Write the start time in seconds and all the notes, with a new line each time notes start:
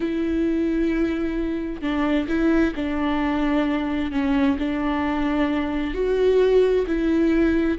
0.00 E4
1.81 D4
2.28 E4
2.75 D4
4.11 C#4
4.58 D4
5.93 F#4
6.86 E4